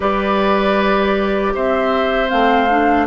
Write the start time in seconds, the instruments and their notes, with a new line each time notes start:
0.00 bassoon G3, clarinet G4, oboe B4, flute D5
1.54 bassoon C4, oboe C5, flute E5
2.29 bassoon A3, clarinet C4, flute F5
2.69 clarinet D4